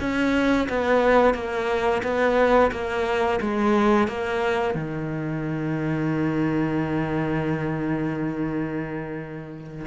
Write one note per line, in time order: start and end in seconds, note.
0.00 0.68 C#4
0.69 1.34 B3
1.34 2.02 A#3
2.03 2.71 B3
2.72 3.40 A#3
3.41 4.08 G#3
4.08 4.75 A#3
4.75 9.86 D#3